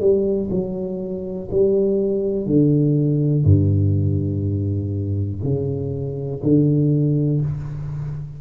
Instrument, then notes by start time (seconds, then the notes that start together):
tuba
0.00 G3
0.51 F#3
1.51 G3
2.46 D3
3.45 G2
5.44 C#3
6.43 D3